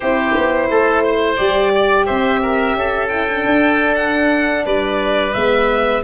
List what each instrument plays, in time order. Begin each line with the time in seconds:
0.00 tuba C4, horn E4, oboe G4, violin C5
0.37 tuba B3
0.69 tuba A3, oboe A4
1.03 oboe C5
1.36 tuba G3, horn G4, violin D5
1.75 oboe D5
2.05 tuba C4, oboe C5, violin E5
2.42 oboe A#4
2.75 tuba C#4, oboe A4
3.08 horn E4, violin G5
3.29 horn D4
3.45 tuba D4
3.95 violin F#5
4.65 tuba G3, oboe B4, violin D5
5.33 tuba G#3, horn B3, violin E5